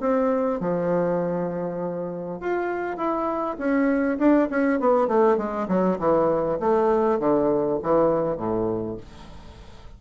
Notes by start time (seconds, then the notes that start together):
0.00 C4
0.61 F3
2.40 F4
2.97 E4
3.58 C#4
4.19 D4
4.50 C#4
4.80 B3
5.08 A3
5.38 G#3
5.68 F#3
5.99 E3
6.60 A3
7.19 D3
7.83 E3
8.37 A2